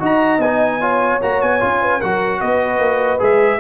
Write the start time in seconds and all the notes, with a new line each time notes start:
0.00 D#4 F#4 D#5 A#5
0.39 B3 D#4 G#5
0.81 F4 C#5
1.22 A#3 F#4 A#5
1.42 B3 G#5
1.61 C#4 F4
1.82 B4
1.99 F#3 F#4 A#4 F#5
2.41 B3 B4 D#5
2.79 A#3
3.19 G#3 G#4 E5